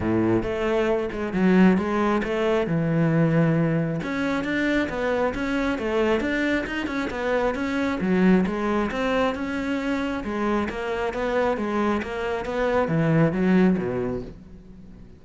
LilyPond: \new Staff \with { instrumentName = "cello" } { \time 4/4 \tempo 4 = 135 a,4 a4. gis8 fis4 | gis4 a4 e2~ | e4 cis'4 d'4 b4 | cis'4 a4 d'4 dis'8 cis'8 |
b4 cis'4 fis4 gis4 | c'4 cis'2 gis4 | ais4 b4 gis4 ais4 | b4 e4 fis4 b,4 | }